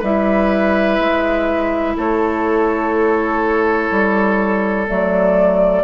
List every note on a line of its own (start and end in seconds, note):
0.00 0.99 G3
0.00 4.88 E4
0.00 1.94 B4
0.00 1.97 E5
0.99 1.96 G#3
1.97 3.90 A3
1.97 5.84 A4
1.97 4.88 C#5
3.91 4.88 G3
4.88 5.84 F#3
4.88 5.84 A3
4.88 5.84 D5